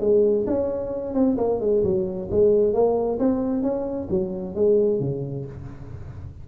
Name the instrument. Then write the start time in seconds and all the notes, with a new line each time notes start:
tuba
0.00 G#3
0.46 C#4
1.14 C4
1.37 A#3
1.60 G#3
1.83 F#3
2.30 G#3
2.73 A#3
3.19 C4
3.62 C#4
4.09 F#3
4.55 G#3
5.00 C#3